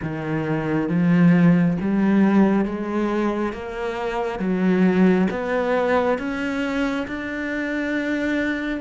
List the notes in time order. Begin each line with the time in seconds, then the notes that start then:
0.02 D#3
0.88 F3
1.80 G3
2.65 G#3
3.52 A#3
4.39 F#3
5.30 B3
6.18 C#4
7.07 D4